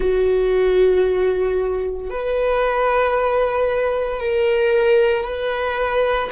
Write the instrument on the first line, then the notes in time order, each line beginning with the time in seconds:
viola
0.00 F#4
2.10 B4
4.20 A#4
5.24 B4